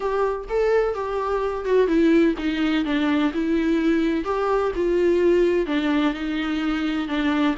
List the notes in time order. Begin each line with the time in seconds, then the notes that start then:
0.00 G4
0.49 A4
0.94 G4
1.65 F#4
1.87 E4
2.38 D#4
2.84 D4
3.33 E4
4.24 G4
4.75 F4
5.66 D4
6.13 D#4
7.08 D4